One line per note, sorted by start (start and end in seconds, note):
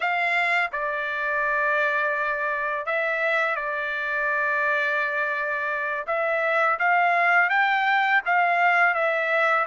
0.00 0.70 F5
0.71 2.86 D5
2.86 3.55 E5
3.55 6.05 D5
6.06 6.78 E5
6.79 7.49 F5
7.49 8.21 G5
8.25 8.94 F5
8.94 9.66 E5